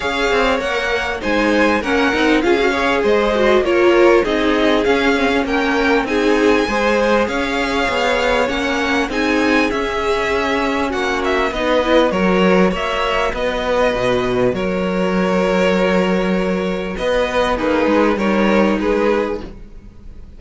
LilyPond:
<<
  \new Staff \with { instrumentName = "violin" } { \time 4/4 \tempo 4 = 99 f''4 fis''4 gis''4 fis''4 | f''4 dis''4 cis''4 dis''4 | f''4 g''4 gis''2 | f''2 fis''4 gis''4 |
e''2 fis''8 e''8 dis''4 | cis''4 e''4 dis''2 | cis''1 | dis''4 b'4 cis''4 b'4 | }
  \new Staff \with { instrumentName = "violin" } { \time 4/4 cis''2 c''4 ais'4 | gis'8 cis''8 c''4 ais'4 gis'4~ | gis'4 ais'4 gis'4 c''4 | cis''2. gis'4~ |
gis'2 fis'4 b'4 | ais'4 cis''4 b'2 | ais'1 | b'4 dis'4 ais'4 gis'4 | }
  \new Staff \with { instrumentName = "viola" } { \time 4/4 gis'4 ais'4 dis'4 cis'8 dis'8 | f'16 fis'16 gis'4 fis'8 f'4 dis'4 | cis'8 c'16 cis'4~ cis'16 dis'4 gis'4~ | gis'2 cis'4 dis'4 |
cis'2. dis'8 e'8 | fis'1~ | fis'1~ | fis'4 gis'4 dis'2 | }
  \new Staff \with { instrumentName = "cello" } { \time 4/4 cis'8 c'8 ais4 gis4 ais8 c'8 | cis'4 gis4 ais4 c'4 | cis'4 ais4 c'4 gis4 | cis'4 b4 ais4 c'4 |
cis'2 ais4 b4 | fis4 ais4 b4 b,4 | fis1 | b4 ais8 gis8 g4 gis4 | }
>>